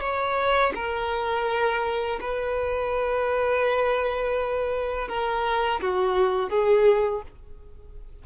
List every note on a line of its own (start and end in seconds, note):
0.00 0.72 C#5
0.74 2.19 A#4
2.20 5.08 B4
5.08 5.80 A#4
5.81 6.49 F#4
6.49 7.22 G#4